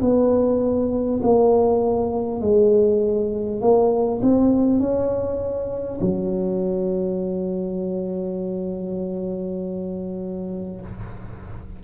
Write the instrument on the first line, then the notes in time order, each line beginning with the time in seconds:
tuba
0.00 B3
1.23 A#3
2.40 G#3
3.61 A#3
4.22 C4
4.79 C#4
6.00 F#3